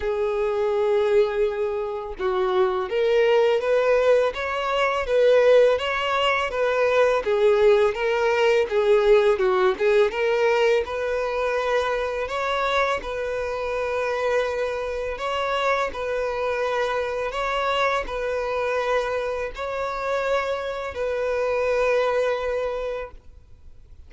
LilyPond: \new Staff \with { instrumentName = "violin" } { \time 4/4 \tempo 4 = 83 gis'2. fis'4 | ais'4 b'4 cis''4 b'4 | cis''4 b'4 gis'4 ais'4 | gis'4 fis'8 gis'8 ais'4 b'4~ |
b'4 cis''4 b'2~ | b'4 cis''4 b'2 | cis''4 b'2 cis''4~ | cis''4 b'2. | }